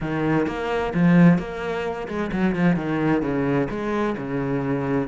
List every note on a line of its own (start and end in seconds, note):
0.00 0.47 D#3
0.47 0.93 A#3
0.94 1.38 F3
1.38 2.07 A#3
2.07 2.31 G#3
2.32 2.55 F#3
2.55 2.76 F3
2.76 3.22 D#3
3.22 3.68 C#3
3.69 4.16 G#3
4.17 5.08 C#3